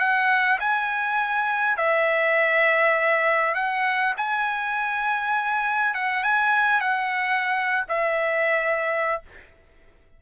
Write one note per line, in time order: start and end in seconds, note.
0.00 0.59 F#5
0.60 1.78 G#5
1.78 3.55 E5
3.55 4.14 F#5
4.17 5.95 G#5
5.95 6.24 F#5
6.24 6.81 G#5
6.81 7.85 F#5
7.89 9.23 E5